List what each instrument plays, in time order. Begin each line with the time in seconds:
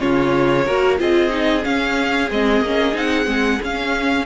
0.00 cello C#3, viola C#4, violin F4 C#5
0.65 cello A#3, viola F#4, violin A#4
0.99 cello C4, viola F4, violin G#4 D#5
1.30 viola D#4
1.64 viola C#4, cello C#4, violin F5
2.31 cello G#3, viola C4, violin D#5
2.61 cello A#3, viola C#4
2.93 cello C4, viola D#4, violin F#5
3.26 cello G#3, viola C4
3.63 cello C#4, viola C#4, violin F5